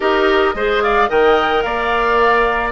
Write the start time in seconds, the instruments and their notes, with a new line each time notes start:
0.00 bassoon D#4, clarinet G4, oboe A#4, flute D#5
0.54 bassoon G#3, clarinet G#4, oboe C5
0.82 oboe D5, flute F5
1.07 bassoon D#3, clarinet A#4, oboe D#5, flute G5
1.62 bassoon A#3, oboe D5, flute F5